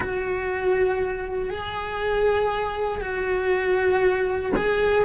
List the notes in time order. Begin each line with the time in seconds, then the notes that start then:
0.00 F#4
1.50 G#4
3.00 F#4
4.55 G#4